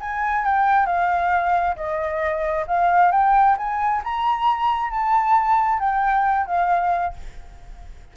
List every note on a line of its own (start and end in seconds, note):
0.00 0.45 G#5
0.45 0.85 G5
0.85 1.75 F5
1.76 2.65 D#5
2.67 3.11 F5
3.11 3.56 G5
3.57 4.02 G#5
4.04 4.90 A#5
4.90 5.79 A5
5.79 6.46 G5
6.46 7.13 F5